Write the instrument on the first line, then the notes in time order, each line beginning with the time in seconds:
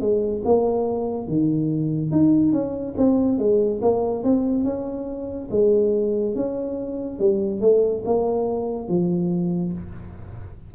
tuba
0.00 G#3
0.45 A#3
1.27 D#3
2.10 D#4
2.52 C#4
2.97 C4
3.38 G#3
3.81 A#3
4.23 C4
4.64 C#4
5.50 G#3
6.35 C#4
7.19 G3
7.61 A3
8.05 A#3
8.88 F3